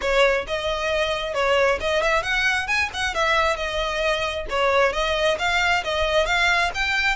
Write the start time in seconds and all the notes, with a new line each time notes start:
0.01 C#5
0.47 D#5
1.34 C#5
1.80 D#5
2.02 E5
2.22 F#5
2.67 G#5
2.93 F#5
3.14 E5
3.56 D#5
4.49 C#5
4.92 D#5
5.38 F5
5.84 D#5
6.25 F5
6.74 G5